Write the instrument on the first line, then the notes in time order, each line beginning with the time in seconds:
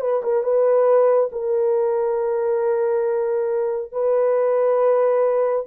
horn
0.00 B4
0.23 A#4
0.43 B4
1.32 A#4
3.92 B4